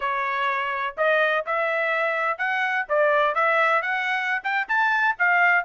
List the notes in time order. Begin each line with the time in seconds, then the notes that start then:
0.00 C#5
0.97 D#5
1.46 E5
2.38 F#5
2.88 D5
3.35 E5
3.82 F#5
4.43 G5
4.68 A5
5.18 F5